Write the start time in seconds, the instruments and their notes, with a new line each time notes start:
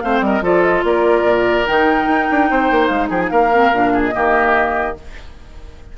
0.00 bassoon A3, clarinet C4, oboe C5, flute F5
0.21 bassoon G3, oboe A#4, flute D#5
0.42 bassoon F3, clarinet F4, oboe A4, flute D5
0.63 flute D#5
0.84 bassoon A#3, oboe A#4, flute D5
1.23 bassoon A#2
1.66 bassoon D#3, clarinet D#4, flute G5
2.08 bassoon D#4
2.31 bassoon D4
2.50 bassoon C4, oboe C5
2.71 bassoon A#3
2.87 bassoon G#3, flute F5
3.09 bassoon F3, oboe G#4, flute G5
3.21 flute G#5
3.30 bassoon A#3, oboe A#4, flute F5
3.52 clarinet C4
3.73 bassoon A#2, clarinet D4
3.93 oboe G#4
4.05 flute D#5
4.12 bassoon D#3, clarinet A#3, oboe G4